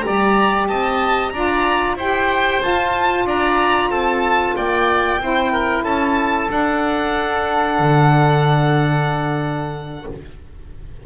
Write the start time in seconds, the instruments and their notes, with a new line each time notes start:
0.00 saxophone G4, violin A#5
0.06 double bass G3, oboe D5
0.68 double bass C4, oboe D#5, violin A5
1.30 double bass D4, saxophone F4, oboe D5, violin A#5
1.96 double bass E4, saxophone G4, oboe C5, violin G5
2.61 saxophone F4, double bass F4, violin A5
3.25 double bass D4, oboe D5, violin A#5
3.90 double bass C4, oboe A4, violin A5
4.57 double bass A#3, oboe D5, violin G5
5.19 double bass C4, saxophone E4, oboe C5
5.53 oboe A#4
5.84 double bass C#4, oboe A4, violin A5
6.49 saxophone D4, double bass D4, violin F#5
7.80 double bass D3